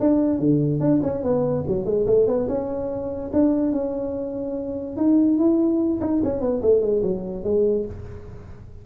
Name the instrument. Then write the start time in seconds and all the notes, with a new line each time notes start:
tuba
0.00 D4
0.40 D3
0.80 D4
1.03 C#4
1.23 B3
1.68 F#3
1.86 G#3
2.07 A3
2.27 B3
2.48 C#4
3.33 D4
3.73 C#4
4.97 D#4
5.38 E4
6.01 D#4
6.24 C#4
6.41 B3
6.62 A3
6.82 G#3
7.03 F#3
7.44 G#3